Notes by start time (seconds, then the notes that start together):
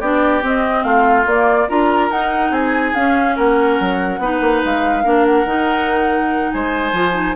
0.00 B3 D4 G4 D5
0.42 C4 D#5
0.84 A3 F4 F5
1.26 A#3 D5
1.69 D4 F4 A#4 A#5
2.10 D#4 F#5
2.50 C4 G#4 G#5
2.95 C#4 F5
3.36 A#3 A#4 F#5
3.80 F#3
4.19 B3 D#4 B4
4.41 A#3
4.65 G#3 F5
5.04 A#3 D4 A#4
5.26 F#5
5.45 D#3 D#4
6.51 G#3 C5 G#5
6.92 F3 F4
7.13 D#4